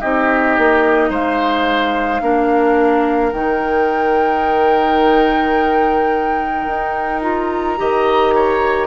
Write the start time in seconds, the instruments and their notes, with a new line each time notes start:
0.00 bassoon C4, clarinet D#4, oboe G4, flute D#5
0.58 bassoon A#3
1.10 bassoon G#3, oboe C5, flute F5
2.21 bassoon A#3, clarinet D4, oboe A#4
3.32 bassoon D#3, clarinet D#4, flute G5
6.67 bassoon D#4
7.21 clarinet F4, flute A#5
7.77 bassoon D#3, clarinet G4, oboe D#5
8.34 oboe C#5